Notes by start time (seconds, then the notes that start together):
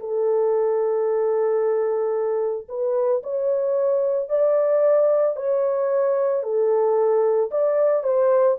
0.00 A4
2.69 B4
3.23 C#5
4.30 D5
5.36 C#5
6.43 A4
7.51 D5
8.04 C5